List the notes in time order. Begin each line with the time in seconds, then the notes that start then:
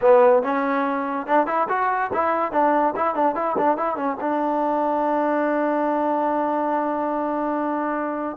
0.01 B3
0.42 C#4
1.26 D4
1.46 E4
1.68 F#4
2.13 E4
2.52 D4
2.95 E4
3.15 D4
3.35 E4
3.57 D4
3.77 E4
3.96 C#4
4.20 D4